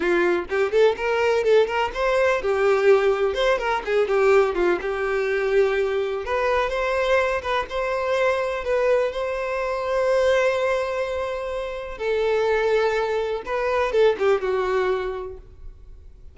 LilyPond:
\new Staff \with { instrumentName = "violin" } { \time 4/4 \tempo 4 = 125 f'4 g'8 a'8 ais'4 a'8 ais'8 | c''4 g'2 c''8 ais'8 | gis'8 g'4 f'8 g'2~ | g'4 b'4 c''4. b'8 |
c''2 b'4 c''4~ | c''1~ | c''4 a'2. | b'4 a'8 g'8 fis'2 | }